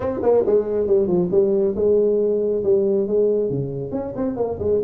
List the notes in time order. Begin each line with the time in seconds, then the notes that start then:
0.00 C4
0.22 A#3
0.46 G#3
0.86 G3
1.07 F3
1.31 G3
1.75 G#3
2.63 G3
3.07 G#3
3.49 C#3
3.91 C#4
4.16 C4
4.36 A#3
4.59 G#3